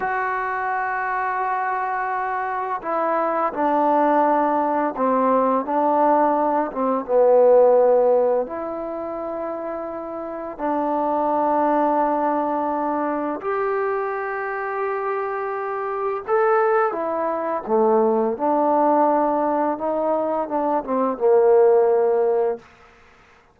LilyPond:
\new Staff \with { instrumentName = "trombone" } { \time 4/4 \tempo 4 = 85 fis'1 | e'4 d'2 c'4 | d'4. c'8 b2 | e'2. d'4~ |
d'2. g'4~ | g'2. a'4 | e'4 a4 d'2 | dis'4 d'8 c'8 ais2 | }